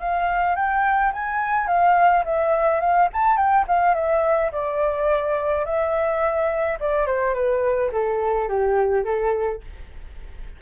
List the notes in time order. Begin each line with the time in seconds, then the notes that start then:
0.00 F5
0.56 G5
1.13 G#5
1.68 F5
2.25 E5
2.81 F5
3.13 A5
3.37 G5
3.68 F5
3.95 E5
4.52 D5
5.66 E5
6.80 D5
7.07 C5
7.34 B4
7.92 A4
8.49 G4
9.05 A4